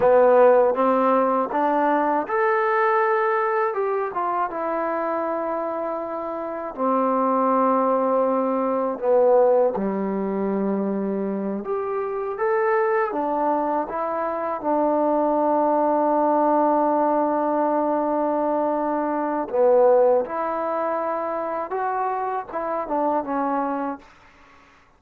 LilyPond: \new Staff \with { instrumentName = "trombone" } { \time 4/4 \tempo 4 = 80 b4 c'4 d'4 a'4~ | a'4 g'8 f'8 e'2~ | e'4 c'2. | b4 g2~ g8 g'8~ |
g'8 a'4 d'4 e'4 d'8~ | d'1~ | d'2 b4 e'4~ | e'4 fis'4 e'8 d'8 cis'4 | }